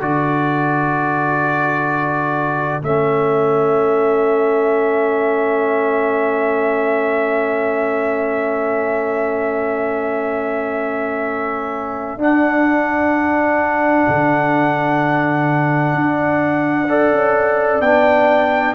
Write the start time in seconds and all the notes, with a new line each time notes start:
0.00 D3 F#4 A4 D5
2.83 A3 C#4 E5
12.17 D4 F#5
14.09 D3
15.95 D4
16.88 A4 D5
17.12 C#4
17.81 B3 D4 G5